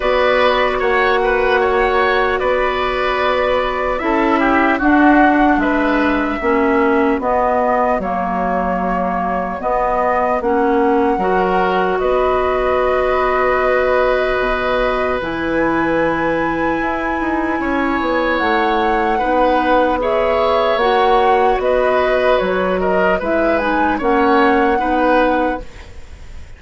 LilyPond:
<<
  \new Staff \with { instrumentName = "flute" } { \time 4/4 \tempo 4 = 75 d''4 fis''2 d''4~ | d''4 e''4 fis''4 e''4~ | e''4 dis''4 cis''2 | dis''4 fis''2 dis''4~ |
dis''2. gis''4~ | gis''2. fis''4~ | fis''4 e''4 fis''4 dis''4 | cis''8 dis''8 e''8 gis''8 fis''2 | }
  \new Staff \with { instrumentName = "oboe" } { \time 4/4 b'4 cis''8 b'8 cis''4 b'4~ | b'4 a'8 g'8 fis'4 b'4 | fis'1~ | fis'2 ais'4 b'4~ |
b'1~ | b'2 cis''2 | b'4 cis''2 b'4~ | b'8 ais'8 b'4 cis''4 b'4 | }
  \new Staff \with { instrumentName = "clarinet" } { \time 4/4 fis'1~ | fis'4 e'4 d'2 | cis'4 b4 ais2 | b4 cis'4 fis'2~ |
fis'2. e'4~ | e'1 | dis'4 gis'4 fis'2~ | fis'4 e'8 dis'8 cis'4 dis'4 | }
  \new Staff \with { instrumentName = "bassoon" } { \time 4/4 b4 ais2 b4~ | b4 cis'4 d'4 gis4 | ais4 b4 fis2 | b4 ais4 fis4 b4~ |
b2 b,4 e4~ | e4 e'8 dis'8 cis'8 b8 a4 | b2 ais4 b4 | fis4 gis4 ais4 b4 | }
>>